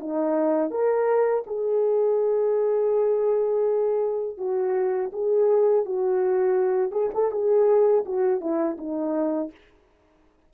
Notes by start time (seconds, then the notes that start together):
0.00 D#4
0.71 A#4
1.46 G#4
4.37 F#4
5.13 G#4
5.85 F#4
6.91 G#4
7.14 A4
7.31 G#4
8.06 F#4
8.40 E4
8.78 D#4